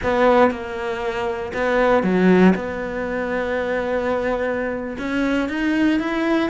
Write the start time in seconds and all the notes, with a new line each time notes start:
0.03 B3
0.50 A#3
1.53 B3
2.03 F#3
2.55 B3
4.98 C#4
5.48 D#4
5.99 E4